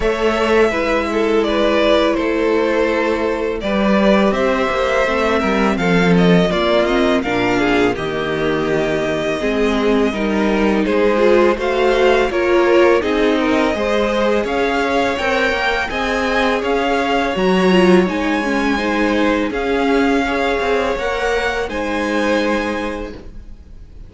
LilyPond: <<
  \new Staff \with { instrumentName = "violin" } { \time 4/4 \tempo 4 = 83 e''2 d''4 c''4~ | c''4 d''4 e''2 | f''8 dis''8 d''8 dis''8 f''4 dis''4~ | dis''2. c''4 |
f''4 cis''4 dis''2 | f''4 g''4 gis''4 f''4 | ais''4 gis''2 f''4~ | f''4 fis''4 gis''2 | }
  \new Staff \with { instrumentName = "violin" } { \time 4/4 cis''4 b'8 a'8 b'4 a'4~ | a'4 b'4 c''4. ais'8 | a'4 f'4 ais'8 gis'8 g'4~ | g'4 gis'4 ais'4 gis'4 |
c''4 ais'4 gis'8 ais'8 c''4 | cis''2 dis''4 cis''4~ | cis''2 c''4 gis'4 | cis''2 c''2 | }
  \new Staff \with { instrumentName = "viola" } { \time 4/4 a'4 e'2.~ | e'4 g'2 c'4~ | c'4 ais8 c'8 d'4 ais4~ | ais4 c'4 dis'4. f'8 |
fis'4 f'4 dis'4 gis'4~ | gis'4 ais'4 gis'2 | fis'8 f'8 dis'8 cis'8 dis'4 cis'4 | gis'4 ais'4 dis'2 | }
  \new Staff \with { instrumentName = "cello" } { \time 4/4 a4 gis2 a4~ | a4 g4 c'8 ais8 a8 g8 | f4 ais4 ais,4 dis4~ | dis4 gis4 g4 gis4 |
a4 ais4 c'4 gis4 | cis'4 c'8 ais8 c'4 cis'4 | fis4 gis2 cis'4~ | cis'8 c'8 ais4 gis2 | }
>>